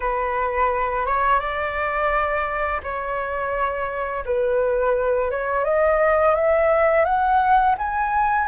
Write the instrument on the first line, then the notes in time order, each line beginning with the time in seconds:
flute
0.00 B4
1.06 C#5
1.39 D5
2.83 C#5
4.25 B4
5.30 C#5
5.64 D#5
6.35 E5
7.04 F#5
7.78 G#5